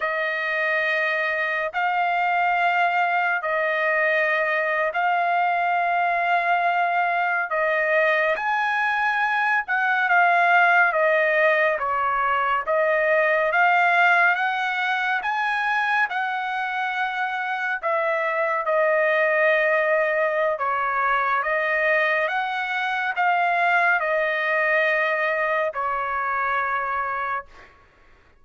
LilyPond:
\new Staff \with { instrumentName = "trumpet" } { \time 4/4 \tempo 4 = 70 dis''2 f''2 | dis''4.~ dis''16 f''2~ f''16~ | f''8. dis''4 gis''4. fis''8 f''16~ | f''8. dis''4 cis''4 dis''4 f''16~ |
f''8. fis''4 gis''4 fis''4~ fis''16~ | fis''8. e''4 dis''2~ dis''16 | cis''4 dis''4 fis''4 f''4 | dis''2 cis''2 | }